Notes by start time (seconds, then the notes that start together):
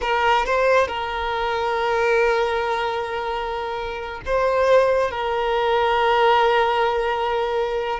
0.01 A#4
0.45 C5
0.87 A#4
4.25 C5
5.11 A#4